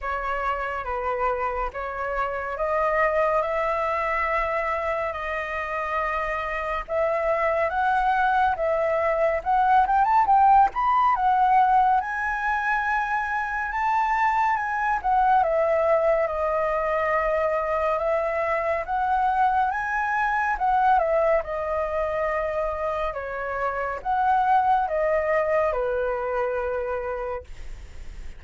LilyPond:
\new Staff \with { instrumentName = "flute" } { \time 4/4 \tempo 4 = 70 cis''4 b'4 cis''4 dis''4 | e''2 dis''2 | e''4 fis''4 e''4 fis''8 g''16 a''16 | g''8 b''8 fis''4 gis''2 |
a''4 gis''8 fis''8 e''4 dis''4~ | dis''4 e''4 fis''4 gis''4 | fis''8 e''8 dis''2 cis''4 | fis''4 dis''4 b'2 | }